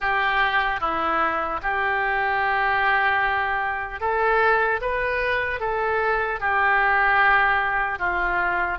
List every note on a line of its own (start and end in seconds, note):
0.00 0.80 G4
0.80 1.60 E4
1.62 4.00 G4
4.00 4.80 A4
4.81 5.60 B4
5.60 6.40 A4
6.40 7.98 G4
7.98 8.78 F4